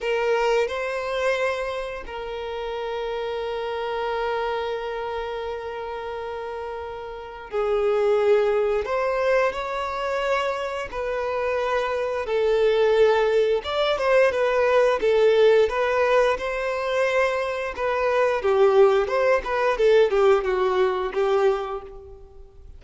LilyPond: \new Staff \with { instrumentName = "violin" } { \time 4/4 \tempo 4 = 88 ais'4 c''2 ais'4~ | ais'1~ | ais'2. gis'4~ | gis'4 c''4 cis''2 |
b'2 a'2 | d''8 c''8 b'4 a'4 b'4 | c''2 b'4 g'4 | c''8 b'8 a'8 g'8 fis'4 g'4 | }